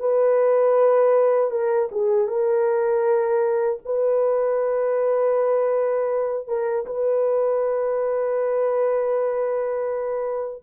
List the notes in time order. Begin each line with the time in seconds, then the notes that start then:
0.00 B4
1.51 A#4
1.92 G#4
2.28 A#4
3.85 B4
6.48 A#4
6.86 B4